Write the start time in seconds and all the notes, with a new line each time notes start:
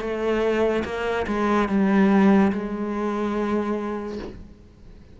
0.00 A3
0.85 A#3
1.27 G#3
1.69 G3
2.52 G#3